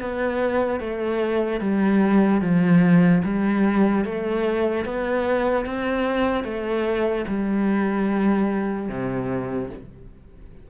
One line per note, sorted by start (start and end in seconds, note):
0.00 0.80 B3
0.80 1.61 A3
1.61 2.41 G3
2.41 3.22 F3
3.24 4.05 G3
4.05 4.85 A3
4.85 5.66 B3
5.66 6.44 C4
6.44 7.25 A3
7.28 8.89 G3
8.89 9.70 C3